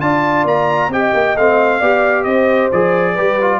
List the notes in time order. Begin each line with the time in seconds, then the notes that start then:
0.00 D4 F4 D5 A5
0.44 A#3 A#5
0.88 C4 G4 D#5 G5
1.14 A#3
1.35 A3 C4 F5
1.79 B3 G4 D5
2.23 C4 C5 D#5
2.72 F3 G#4 D5
3.14 G3 G4 B4
3.41 F4